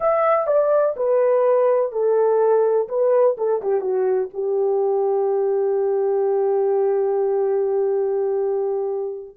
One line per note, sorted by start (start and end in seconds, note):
0.00 0.47 E5
0.47 0.95 D5
0.96 1.92 B4
1.92 2.88 A4
2.88 3.36 B4
3.37 3.61 A4
3.62 3.81 G4
3.81 4.29 F#4
4.33 9.37 G4